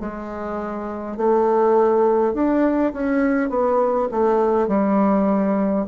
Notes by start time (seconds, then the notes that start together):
0.00 G#3
1.17 A3
2.34 D4
2.94 C#4
3.50 B3
4.12 A3
4.68 G3